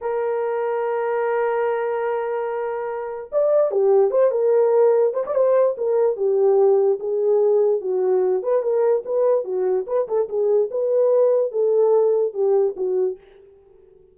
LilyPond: \new Staff \with { instrumentName = "horn" } { \time 4/4 \tempo 4 = 146 ais'1~ | ais'1 | d''4 g'4 c''8 ais'4.~ | ais'8 c''16 d''16 c''4 ais'4 g'4~ |
g'4 gis'2 fis'4~ | fis'8 b'8 ais'4 b'4 fis'4 | b'8 a'8 gis'4 b'2 | a'2 g'4 fis'4 | }